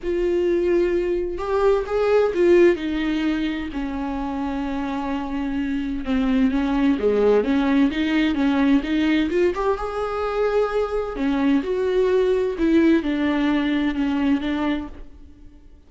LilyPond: \new Staff \with { instrumentName = "viola" } { \time 4/4 \tempo 4 = 129 f'2. g'4 | gis'4 f'4 dis'2 | cis'1~ | cis'4 c'4 cis'4 gis4 |
cis'4 dis'4 cis'4 dis'4 | f'8 g'8 gis'2. | cis'4 fis'2 e'4 | d'2 cis'4 d'4 | }